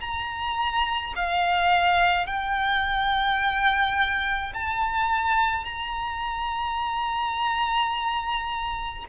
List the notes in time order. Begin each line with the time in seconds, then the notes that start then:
0.00 A#5
1.15 F5
2.26 G5
4.54 A5
5.64 A#5